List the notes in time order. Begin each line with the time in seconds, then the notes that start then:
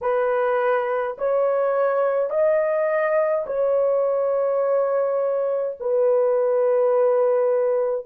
0.01 B4
1.17 C#5
2.30 D#5
3.46 C#5
5.80 B4